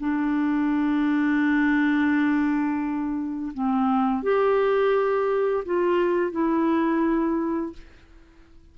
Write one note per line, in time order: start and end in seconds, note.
0.00 3.53 D4
3.54 4.23 C4
4.23 5.64 G4
5.66 6.32 F4
6.32 7.73 E4